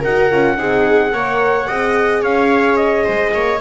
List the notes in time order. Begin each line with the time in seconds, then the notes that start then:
0.00 D#4 F#4 A#4 F#5
0.31 C#4 F4
0.56 C4 D#4 G#4
1.12 A#3 A#4 C#5
1.68 C4 G#4 D#5
2.22 C#4 C#5 F5
2.76 D#5
3.04 G#3 C5
3.34 A#3 C#5